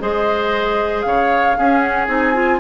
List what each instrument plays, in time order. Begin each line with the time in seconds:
0.00 bassoon G#3, clarinet G#4, oboe C5, flute D#5
1.02 bassoon C#3, oboe C#5, flute F5
1.58 bassoon C#4, clarinet C#4, oboe G#4
1.80 flute F#5
2.08 bassoon C4, clarinet D#4, flute G#5
2.34 clarinet F4